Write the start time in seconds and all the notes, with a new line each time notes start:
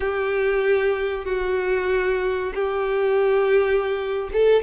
0.00 G4
1.25 F#4
2.54 G4
4.32 A4